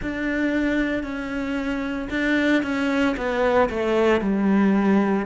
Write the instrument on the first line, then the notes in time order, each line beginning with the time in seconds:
cello
0.01 D4
1.02 C#4
2.10 D4
2.63 C#4
3.16 B3
3.69 A3
4.21 G3